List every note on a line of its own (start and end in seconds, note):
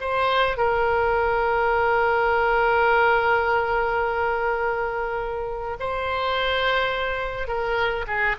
0.00 0.57 C5
0.57 5.76 A#4
5.79 7.47 C5
7.47 8.05 A#4
8.07 8.36 G#4